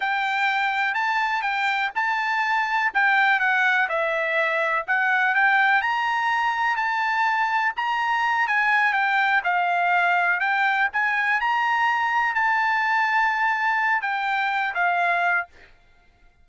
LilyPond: \new Staff \with { instrumentName = "trumpet" } { \time 4/4 \tempo 4 = 124 g''2 a''4 g''4 | a''2 g''4 fis''4 | e''2 fis''4 g''4 | ais''2 a''2 |
ais''4. gis''4 g''4 f''8~ | f''4. g''4 gis''4 ais''8~ | ais''4. a''2~ a''8~ | a''4 g''4. f''4. | }